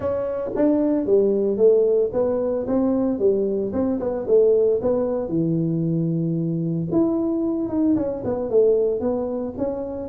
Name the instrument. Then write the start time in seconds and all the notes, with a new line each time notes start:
tuba
0.00 C#4
0.55 D4
1.06 G3
1.57 A3
2.12 B3
2.66 C4
3.19 G3
3.72 C4
3.99 B3
4.27 A3
4.81 B3
5.28 E3
6.91 E4
7.68 D#4
7.96 C#4
8.24 B3
8.50 A3
9.00 B3
9.57 C#4